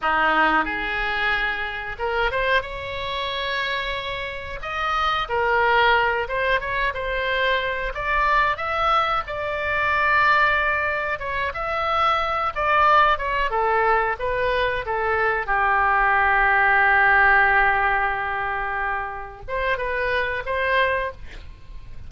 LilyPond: \new Staff \with { instrumentName = "oboe" } { \time 4/4 \tempo 4 = 91 dis'4 gis'2 ais'8 c''8 | cis''2. dis''4 | ais'4. c''8 cis''8 c''4. | d''4 e''4 d''2~ |
d''4 cis''8 e''4. d''4 | cis''8 a'4 b'4 a'4 g'8~ | g'1~ | g'4. c''8 b'4 c''4 | }